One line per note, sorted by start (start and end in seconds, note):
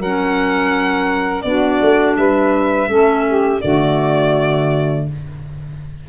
0.00 1.45 F#3
0.00 1.45 C#4
0.00 1.45 A#4
0.00 1.42 F#5
1.42 1.81 B3
1.42 2.88 D4
1.42 2.18 F#4
1.42 2.15 D5
1.82 2.18 A3
2.17 2.88 G3
2.17 2.90 B4
2.17 3.61 E5
2.88 3.61 A3
2.88 3.61 C#4
2.88 3.27 A4
3.28 3.62 G4
3.62 5.09 D3
3.62 5.09 A3
3.62 5.07 F#4
3.62 5.06 D5